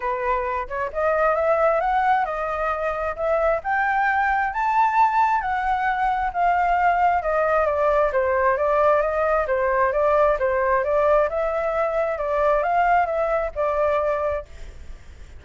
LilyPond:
\new Staff \with { instrumentName = "flute" } { \time 4/4 \tempo 4 = 133 b'4. cis''8 dis''4 e''4 | fis''4 dis''2 e''4 | g''2 a''2 | fis''2 f''2 |
dis''4 d''4 c''4 d''4 | dis''4 c''4 d''4 c''4 | d''4 e''2 d''4 | f''4 e''4 d''2 | }